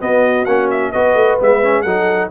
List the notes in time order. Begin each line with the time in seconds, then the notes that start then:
0.00 B3 F#4 D#5
0.45 A#3 C#4 F#5
0.70 E5
0.92 B3 F#4 B4 D#5
1.14 A3
1.40 G#3 B3 E5
1.63 C#4
1.82 F#3 D#4 A4 F#5